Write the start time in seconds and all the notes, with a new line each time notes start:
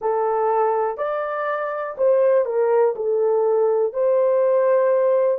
0.00 A4
0.97 D5
1.97 C5
2.45 A#4
2.95 A4
3.93 C5